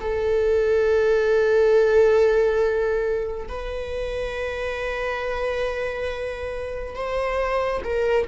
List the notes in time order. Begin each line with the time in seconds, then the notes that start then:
0.00 A4
3.48 B4
6.95 C5
7.83 A#4